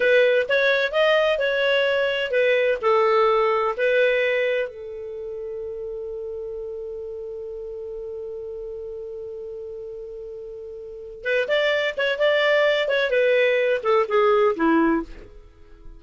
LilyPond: \new Staff \with { instrumentName = "clarinet" } { \time 4/4 \tempo 4 = 128 b'4 cis''4 dis''4 cis''4~ | cis''4 b'4 a'2 | b'2 a'2~ | a'1~ |
a'1~ | a'1 | b'8 d''4 cis''8 d''4. cis''8 | b'4. a'8 gis'4 e'4 | }